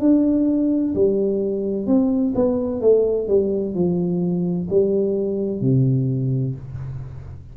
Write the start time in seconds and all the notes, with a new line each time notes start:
0.00 D4
0.95 G3
1.87 C4
2.35 B3
2.81 A3
3.28 G3
3.75 F3
4.70 G3
5.61 C3